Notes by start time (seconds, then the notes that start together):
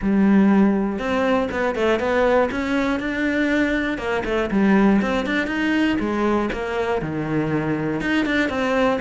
0.02 G3
0.99 C4
1.51 B3
1.75 A3
1.99 B3
2.51 C#4
2.99 D4
3.97 A#3
4.25 A3
4.50 G3
5.01 C4
5.25 D4
5.46 D#4
5.99 G#3
6.52 A#3
7.01 D#3
8.00 D#4
8.25 D4
8.49 C4